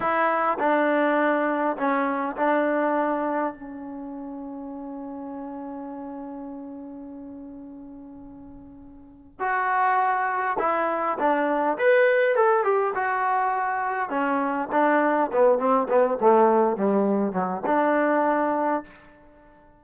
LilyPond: \new Staff \with { instrumentName = "trombone" } { \time 4/4 \tempo 4 = 102 e'4 d'2 cis'4 | d'2 cis'2~ | cis'1~ | cis'1 |
fis'2 e'4 d'4 | b'4 a'8 g'8 fis'2 | cis'4 d'4 b8 c'8 b8 a8~ | a8 g4 fis8 d'2 | }